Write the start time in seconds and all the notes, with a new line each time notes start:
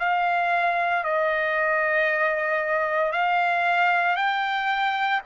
0.00 F5
1.04 D#5
3.12 F5
4.16 G5